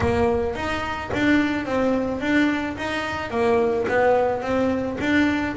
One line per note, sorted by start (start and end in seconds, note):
0.00 0.55 A#3
0.55 1.10 D#4
1.13 1.65 D4
1.65 2.20 C4
2.20 2.76 D4
2.77 3.30 D#4
3.30 3.85 A#3
3.88 4.42 B3
4.42 4.97 C4
5.00 5.56 D4